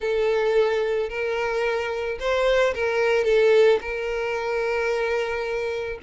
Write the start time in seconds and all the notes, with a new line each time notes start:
0.00 A4
1.09 A#4
2.19 C5
2.74 A#4
3.24 A4
3.81 A#4